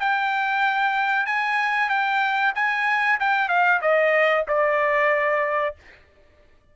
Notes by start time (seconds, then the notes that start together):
0.00 G5
1.26 G#5
1.89 G5
2.55 G#5
3.20 G5
3.49 F5
3.82 D#5
4.48 D5